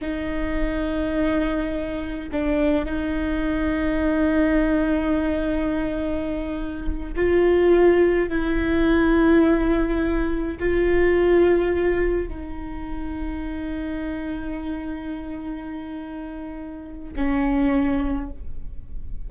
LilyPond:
\new Staff \with { instrumentName = "viola" } { \time 4/4 \tempo 4 = 105 dis'1 | d'4 dis'2.~ | dis'1~ | dis'8 f'2 e'4.~ |
e'2~ e'8 f'4.~ | f'4. dis'2~ dis'8~ | dis'1~ | dis'2 cis'2 | }